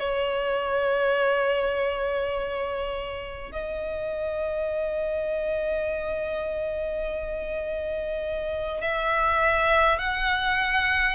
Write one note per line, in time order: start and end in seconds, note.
0.00 3.52 C#5
3.52 8.82 D#5
8.82 9.99 E5
9.99 11.16 F#5